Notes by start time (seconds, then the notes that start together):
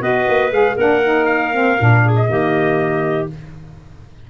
0.00 B3 F#4 B4 D#5
0.28 A#3
0.51 G#3 G#4 F5
0.76 A#3 D4 A#4 F#5
1.04 D#4
1.25 F5
1.53 C4
1.79 A#2 D4
2.05 G#4
2.16 D#5
2.25 D#3 A#3 G4